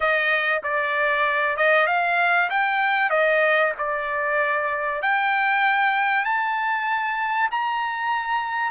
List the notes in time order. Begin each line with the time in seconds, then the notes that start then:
0.00 D#5
0.62 D5
1.56 D#5
1.87 F5
2.49 G5
3.10 D#5
3.78 D5
5.01 G5
6.24 A5
7.51 A#5